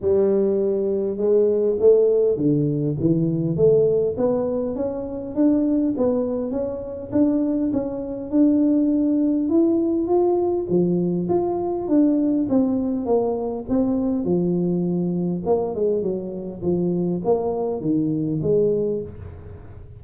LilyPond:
\new Staff \with { instrumentName = "tuba" } { \time 4/4 \tempo 4 = 101 g2 gis4 a4 | d4 e4 a4 b4 | cis'4 d'4 b4 cis'4 | d'4 cis'4 d'2 |
e'4 f'4 f4 f'4 | d'4 c'4 ais4 c'4 | f2 ais8 gis8 fis4 | f4 ais4 dis4 gis4 | }